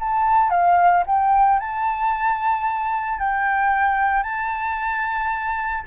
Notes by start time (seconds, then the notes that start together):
0.00 A5
0.50 F5
1.07 G5
1.60 A5
3.19 G5
4.23 A5